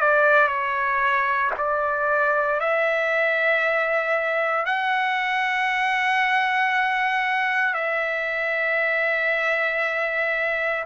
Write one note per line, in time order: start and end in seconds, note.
0.00 0.47 D5
0.47 1.51 C#5
1.57 2.60 D5
2.60 4.65 E5
4.65 7.74 F#5
7.74 10.84 E5